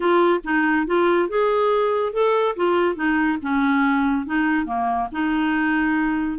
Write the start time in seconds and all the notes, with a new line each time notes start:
0.00 F4
0.44 D#4
0.86 F4
1.28 G#4
2.13 A4
2.56 F4
2.95 D#4
3.42 C#4
4.26 D#4
4.65 A#3
5.12 D#4